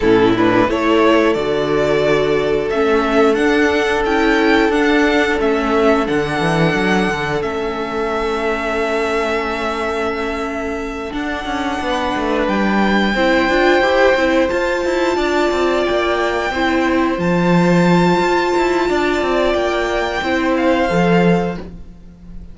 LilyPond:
<<
  \new Staff \with { instrumentName = "violin" } { \time 4/4 \tempo 4 = 89 a'8 b'8 cis''4 d''2 | e''4 fis''4 g''4 fis''4 | e''4 fis''2 e''4~ | e''1~ |
e''8 fis''2 g''4.~ | g''4. a''2 g''8~ | g''4. a''2~ a''8~ | a''4 g''4. f''4. | }
  \new Staff \with { instrumentName = "violin" } { \time 4/4 e'4 a'2.~ | a'1~ | a'1~ | a'1~ |
a'4. b'2 c''8~ | c''2~ c''8 d''4.~ | d''8 c''2.~ c''8 | d''2 c''2 | }
  \new Staff \with { instrumentName = "viola" } { \time 4/4 cis'8 d'8 e'4 fis'2 | cis'4 d'4 e'4 d'4 | cis'4 d'2 cis'4~ | cis'1~ |
cis'8 d'2. e'8 | f'8 g'8 e'8 f'2~ f'8~ | f'8 e'4 f'2~ f'8~ | f'2 e'4 a'4 | }
  \new Staff \with { instrumentName = "cello" } { \time 4/4 a,4 a4 d2 | a4 d'4 cis'4 d'4 | a4 d8 e8 fis8 d8 a4~ | a1~ |
a8 d'8 cis'8 b8 a8 g4 c'8 | d'8 e'8 c'8 f'8 e'8 d'8 c'8 ais8~ | ais8 c'4 f4. f'8 e'8 | d'8 c'8 ais4 c'4 f4 | }
>>